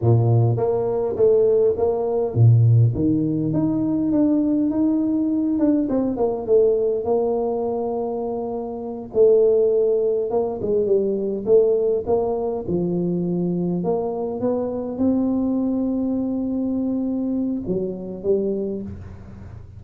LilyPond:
\new Staff \with { instrumentName = "tuba" } { \time 4/4 \tempo 4 = 102 ais,4 ais4 a4 ais4 | ais,4 dis4 dis'4 d'4 | dis'4. d'8 c'8 ais8 a4 | ais2.~ ais8 a8~ |
a4. ais8 gis8 g4 a8~ | a8 ais4 f2 ais8~ | ais8 b4 c'2~ c'8~ | c'2 fis4 g4 | }